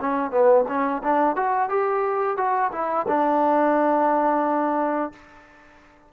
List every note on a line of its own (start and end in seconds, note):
0.00 0.30 C#4
0.30 0.64 B3
0.68 1.02 C#4
1.03 1.36 D4
1.36 1.69 F#4
1.69 2.37 G4
2.37 2.71 F#4
2.72 3.06 E4
3.07 5.12 D4